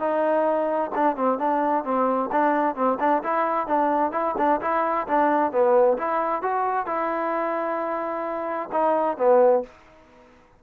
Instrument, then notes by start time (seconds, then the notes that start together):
trombone
0.00 D#4
0.95 D4
1.17 C4
1.39 D4
1.84 C4
2.32 D4
2.76 C4
3.00 D4
3.24 E4
3.67 D4
4.12 E4
4.38 D4
4.62 E4
5.08 D4
5.52 B3
5.98 E4
6.42 F#4
6.87 E4
8.73 D#4
9.18 B3